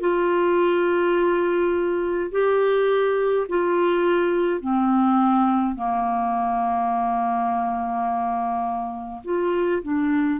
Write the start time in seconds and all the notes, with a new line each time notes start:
0.00 F4
2.31 G4
3.48 F4
4.60 C4
5.75 A#3
9.24 F4
9.82 D4